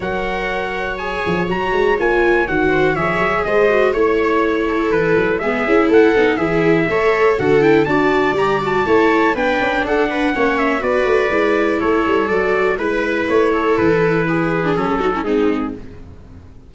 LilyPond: <<
  \new Staff \with { instrumentName = "trumpet" } { \time 4/4 \tempo 4 = 122 fis''2 gis''4 ais''4 | gis''4 fis''4 e''4 dis''4 | cis''2 b'4 e''4 | fis''4 e''2 fis''8 g''8 |
a''4 ais''8 a''4. g''4 | fis''4. e''8 d''2 | cis''4 d''4 b'4 cis''4 | b'2 a'4 gis'4 | }
  \new Staff \with { instrumentName = "viola" } { \time 4/4 cis''1~ | cis''4. c''8 cis''4 c''4 | cis''4. a'4. gis'4 | a'4 gis'4 cis''4 a'4 |
d''2 cis''4 b'4 | a'8 b'8 cis''4 b'2 | a'2 b'4. a'8~ | a'4 gis'4. fis'16 e'16 dis'4 | }
  \new Staff \with { instrumentName = "viola" } { \time 4/4 ais'2 gis'4 fis'4 | f'4 fis'4 gis'4. fis'8 | e'2. b8 e'8~ | e'8 dis'8 e'4 a'4 fis'8 e'8 |
fis'4 g'8 fis'8 e'4 d'4~ | d'4 cis'4 fis'4 e'4~ | e'4 fis'4 e'2~ | e'4.~ e'16 d'16 cis'8 dis'16 cis'16 c'4 | }
  \new Staff \with { instrumentName = "tuba" } { \time 4/4 fis2~ fis8 f8 fis8 gis8 | ais4 dis4 f8 fis8 gis4 | a2 e8 fis8 gis8 cis'8 | a8 b8 e4 a4 d4 |
d'4 g4 a4 b8 cis'8 | d'4 ais4 b8 a8 gis4 | a8 g8 fis4 gis4 a4 | e2 fis4 gis4 | }
>>